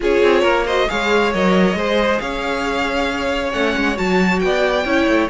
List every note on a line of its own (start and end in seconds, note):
0.00 0.22 C#4
0.00 0.66 F4
0.00 0.41 G#4
0.00 0.67 C#5
0.22 0.43 C4
0.41 0.87 A#3
0.41 0.63 A#4
0.66 0.88 F#4
0.66 0.88 C5
0.66 0.89 D#5
0.88 1.34 G#3
0.88 1.32 G#4
0.88 1.77 C#5
0.88 1.33 F5
1.34 1.74 F#3
1.34 1.76 A#4
1.34 2.19 D#5
1.74 2.18 G#3
1.74 3.51 G#4
1.74 2.21 C5
2.19 3.53 C#4
2.19 4.42 C#5
2.19 3.52 F5
3.51 3.75 A3
3.51 3.94 C#4
3.51 3.97 F#5
3.76 3.98 G#3
3.94 4.43 F#3
3.94 4.83 F#4
3.94 4.39 A5
4.39 4.84 B3
4.39 4.86 D5
4.39 5.27 G5
4.84 5.06 C#4
4.84 5.29 E4
4.84 5.29 C#5
5.07 5.29 A3